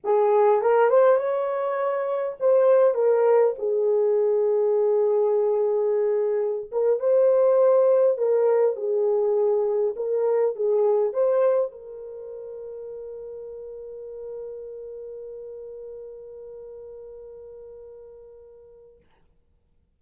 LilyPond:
\new Staff \with { instrumentName = "horn" } { \time 4/4 \tempo 4 = 101 gis'4 ais'8 c''8 cis''2 | c''4 ais'4 gis'2~ | gis'2.~ gis'16 ais'8 c''16~ | c''4.~ c''16 ais'4 gis'4~ gis'16~ |
gis'8. ais'4 gis'4 c''4 ais'16~ | ais'1~ | ais'1~ | ais'1 | }